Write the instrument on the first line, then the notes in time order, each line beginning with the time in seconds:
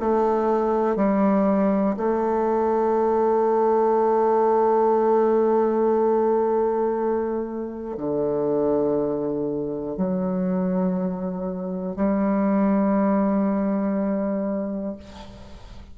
bassoon
0.00 A3
0.96 G3
1.96 A3
7.97 D3
9.97 F#3
11.96 G3